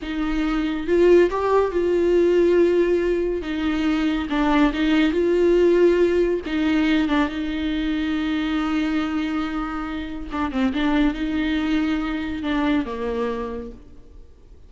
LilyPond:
\new Staff \with { instrumentName = "viola" } { \time 4/4 \tempo 4 = 140 dis'2 f'4 g'4 | f'1 | dis'2 d'4 dis'4 | f'2. dis'4~ |
dis'8 d'8 dis'2.~ | dis'1 | d'8 c'8 d'4 dis'2~ | dis'4 d'4 ais2 | }